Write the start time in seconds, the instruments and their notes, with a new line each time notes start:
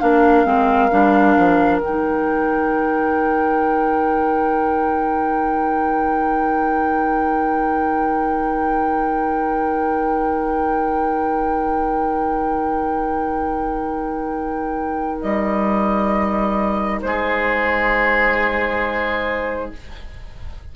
0.00 bassoon A#3, clarinet D4, oboe A#4, flute F5
0.45 bassoon G#3, clarinet C4
0.91 bassoon G3, clarinet D4
1.37 bassoon F3
1.80 bassoon D#3, clarinet D#4, flute G5
15.21 bassoon G3, flute D#5
17.02 bassoon G#3, oboe G#4, flute C5